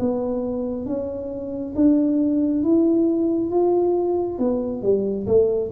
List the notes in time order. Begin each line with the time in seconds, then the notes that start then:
0.00 B3
0.87 C#4
1.76 D4
2.64 E4
3.51 F4
4.39 B3
4.83 G3
5.27 A3